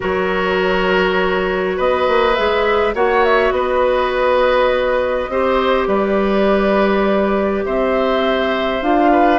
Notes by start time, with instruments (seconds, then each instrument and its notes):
0.00 bassoon F#3, clarinet F#4, oboe A#4, flute C#5
1.76 bassoon B3, oboe B4, flute D#5
2.08 bassoon A#3
2.34 bassoon G#3, clarinet G#4, flute E5
2.94 bassoon A#3, clarinet F#4, oboe C#5, flute F#5
3.24 flute E5
3.51 bassoon B3, oboe B4, flute D#5
5.28 bassoon C4, clarinet G4, oboe C5
5.87 bassoon G3, oboe B4, flute D5
7.65 bassoon C4, oboe C5, flute E5
8.81 bassoon D4, clarinet F4, flute F5
9.11 oboe B4